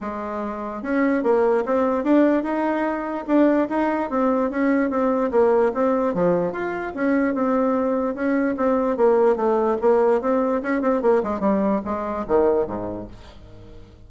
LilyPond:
\new Staff \with { instrumentName = "bassoon" } { \time 4/4 \tempo 4 = 147 gis2 cis'4 ais4 | c'4 d'4 dis'2 | d'4 dis'4 c'4 cis'4 | c'4 ais4 c'4 f4 |
f'4 cis'4 c'2 | cis'4 c'4 ais4 a4 | ais4 c'4 cis'8 c'8 ais8 gis8 | g4 gis4 dis4 gis,4 | }